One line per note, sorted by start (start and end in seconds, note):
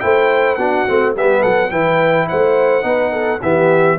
0.00 0.57 A3
0.00 0.58 E4
0.00 0.58 C5
0.00 0.55 G5
0.55 0.85 B3
0.55 0.88 D4
0.55 1.14 F#4
0.55 1.12 F#5
0.88 1.15 A3
0.88 1.16 C4
1.15 1.43 G3
1.15 1.72 B3
1.15 1.42 G4
1.15 1.43 E5
1.42 1.71 F#3
1.42 1.70 A4
1.42 1.71 F#5
1.70 2.28 E3
1.70 2.82 E4
1.70 2.27 B4
1.70 2.27 G5
2.29 2.84 A3
2.29 2.85 C5
2.29 3.42 F#5
2.82 3.40 B3
2.82 3.39 D#4
2.82 3.12 B4
3.12 3.41 A4
3.42 3.99 E3
3.42 3.99 B3
3.42 3.99 G4
3.42 3.99 E5